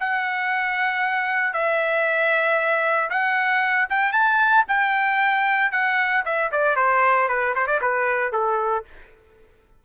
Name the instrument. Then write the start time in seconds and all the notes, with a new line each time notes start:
trumpet
0.00 F#5
1.53 E5
3.10 F#5
3.90 G5
4.13 A5
4.68 G5
5.72 F#5
6.25 E5
6.52 D5
6.76 C5
7.28 B4
7.56 C5
7.67 D5
7.81 B4
8.32 A4